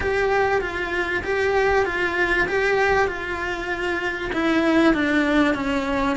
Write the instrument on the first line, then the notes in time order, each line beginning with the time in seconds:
cello
0.00 G4
0.61 F4
1.23 G4
1.85 F4
2.47 G4
3.07 F4
4.32 E4
4.93 D4
5.54 C#4